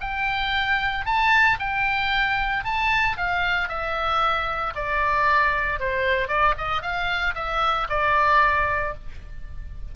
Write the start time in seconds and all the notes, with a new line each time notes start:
0.00 G5
1.05 A5
1.59 G5
2.64 A5
3.17 F5
3.68 E5
4.75 D5
5.79 C5
6.28 D5
6.57 D#5
6.82 F5
7.35 E5
7.89 D5